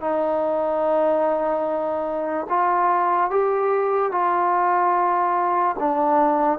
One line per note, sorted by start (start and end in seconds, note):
0.00 2.47 D#4
2.49 3.30 F4
3.30 4.11 G4
4.11 5.76 F4
5.79 6.59 D4